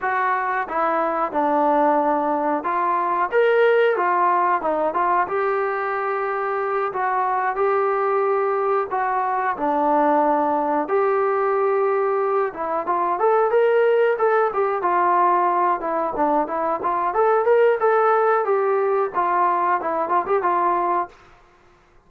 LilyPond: \new Staff \with { instrumentName = "trombone" } { \time 4/4 \tempo 4 = 91 fis'4 e'4 d'2 | f'4 ais'4 f'4 dis'8 f'8 | g'2~ g'8 fis'4 g'8~ | g'4. fis'4 d'4.~ |
d'8 g'2~ g'8 e'8 f'8 | a'8 ais'4 a'8 g'8 f'4. | e'8 d'8 e'8 f'8 a'8 ais'8 a'4 | g'4 f'4 e'8 f'16 g'16 f'4 | }